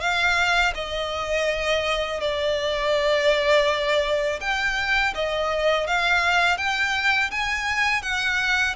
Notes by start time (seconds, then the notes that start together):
0.00 F5
0.75 D#5
2.21 D5
4.41 G5
5.15 D#5
5.87 F5
6.58 G5
7.31 G#5
8.02 F#5